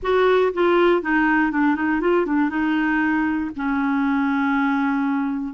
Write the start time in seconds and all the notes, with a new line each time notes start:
0.02 F#4
0.53 F4
1.02 D#4
1.51 D4
1.75 D#4
2.01 F4
2.26 D4
2.49 D#4
3.56 C#4